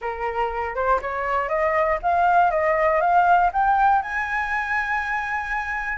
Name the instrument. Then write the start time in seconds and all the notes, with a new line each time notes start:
flute
0.01 A#4
0.75 C5
1.01 C#5
1.48 D#5
2.02 F5
2.50 D#5
3.00 F5
3.52 G5
4.02 G#5